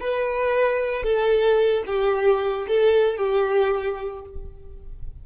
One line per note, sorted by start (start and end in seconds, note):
0.00 1.03 B4
1.03 1.84 A4
1.87 2.67 G4
2.68 3.17 A4
3.17 4.24 G4